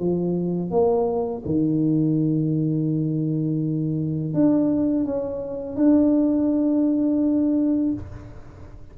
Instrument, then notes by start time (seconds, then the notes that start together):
tuba
0.00 F3
0.71 A#3
1.46 D#3
4.34 D4
5.05 C#4
5.77 D4